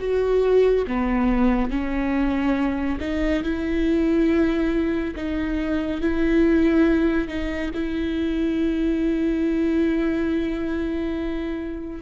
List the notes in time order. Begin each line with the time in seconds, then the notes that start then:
0.00 F#4
0.87 B3
1.71 C#4
3.00 D#4
3.43 E4
5.16 D#4
6.01 E4
7.28 D#4
7.74 E4